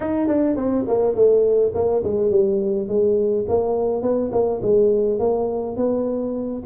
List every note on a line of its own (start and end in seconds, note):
0.00 0.27 D#4
0.27 0.56 D4
0.56 0.85 C4
0.87 1.15 A#3
1.15 1.72 A3
1.74 2.03 A#3
2.03 2.30 G#3
2.30 2.87 G3
2.87 3.45 G#3
3.48 4.01 A#3
4.01 4.30 B3
4.32 4.60 A#3
4.62 5.19 G#3
5.19 5.76 A#3
5.76 6.62 B3